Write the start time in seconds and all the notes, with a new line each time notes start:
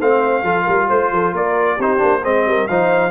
0.00 A3 C4 C5 F5
0.43 F3 F4 A4
0.64 G3 A#4
0.89 A3 C5
1.12 F3 A4
1.32 A#3 A#4 D5
1.77 C4 D#4 G4 C5
1.98 A#3 D4
2.22 G#3 C4 C5 D#5
2.46 G3 A#4
2.68 F3 D#4 C5 F5